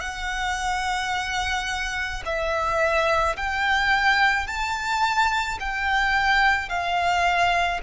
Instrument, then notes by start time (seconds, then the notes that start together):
violin
0.00 F#5
2.25 E5
3.36 G5
4.47 A5
5.60 G5
6.69 F5